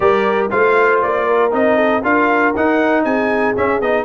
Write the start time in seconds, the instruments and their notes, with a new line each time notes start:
0.00 tuba G3, trombone G4, horn A#4, trumpet D5
0.50 tuba A3, trombone F4, horn C5, trumpet F5
1.02 tuba A#3, trumpet D5
1.26 horn A#4
1.51 tuba C4, trombone D#4, trumpet D#5
1.76 horn A4
2.02 tuba D4, trombone F4, horn A#4, trumpet F5
2.55 tuba D#4, trombone D#4, trumpet F#5
3.04 tuba C4, horn G#4, trumpet G#5
3.56 trombone C#4, tuba C#4, trumpet E5
3.81 tuba B3, trombone D#4, trumpet D#5